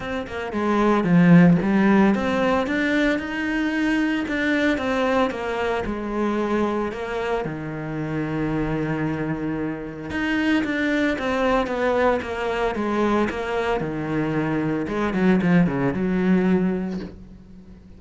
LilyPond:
\new Staff \with { instrumentName = "cello" } { \time 4/4 \tempo 4 = 113 c'8 ais8 gis4 f4 g4 | c'4 d'4 dis'2 | d'4 c'4 ais4 gis4~ | gis4 ais4 dis2~ |
dis2. dis'4 | d'4 c'4 b4 ais4 | gis4 ais4 dis2 | gis8 fis8 f8 cis8 fis2 | }